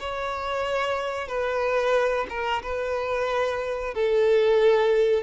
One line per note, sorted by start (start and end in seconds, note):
0.00 1.28 C#5
1.28 2.27 B4
2.30 2.63 A#4
2.63 3.94 B4
3.94 5.23 A4